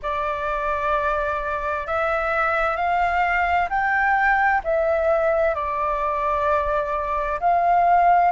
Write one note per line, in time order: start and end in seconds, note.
0.02 1.86 D5
1.86 2.76 E5
2.76 3.68 F5
3.69 4.62 G5
4.64 5.54 E5
5.54 7.39 D5
7.39 8.31 F5